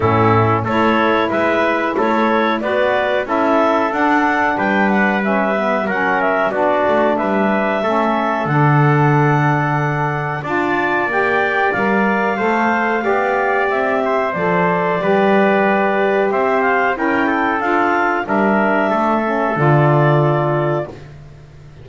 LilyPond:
<<
  \new Staff \with { instrumentName = "clarinet" } { \time 4/4 \tempo 4 = 92 a'4 cis''4 e''4 cis''4 | d''4 e''4 fis''4 g''8 fis''8 | e''4 fis''8 e''8 d''4 e''4~ | e''4 fis''2. |
a''4 g''4 f''2~ | f''4 e''4 d''2~ | d''4 e''8 f''8 g''4 f''4 | e''2 d''2 | }
  \new Staff \with { instrumentName = "trumpet" } { \time 4/4 e'4 a'4 b'4 a'4 | b'4 a'2 b'4~ | b'4 ais'4 fis'4 b'4 | a'1 |
d''2. c''4 | d''4. c''4. b'4~ | b'4 c''4 ais'8 a'4. | ais'4 a'2. | }
  \new Staff \with { instrumentName = "saxophone" } { \time 4/4 cis'4 e'2. | fis'4 e'4 d'2 | cis'8 b8 cis'4 d'2 | cis'4 d'2. |
f'4 g'4 ais'4 a'4 | g'2 a'4 g'4~ | g'2 e'4 f'4 | d'4. cis'8 f'2 | }
  \new Staff \with { instrumentName = "double bass" } { \time 4/4 a,4 a4 gis4 a4 | b4 cis'4 d'4 g4~ | g4 fis4 b8 a8 g4 | a4 d2. |
d'4 ais4 g4 a4 | b4 c'4 f4 g4~ | g4 c'4 cis'4 d'4 | g4 a4 d2 | }
>>